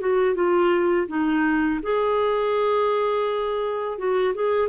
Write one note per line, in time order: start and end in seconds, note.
0.00 0.35 F#4
0.35 1.07 F4
1.07 1.80 D#4
1.82 3.98 G#4
3.98 4.34 F#4
4.34 4.69 G#4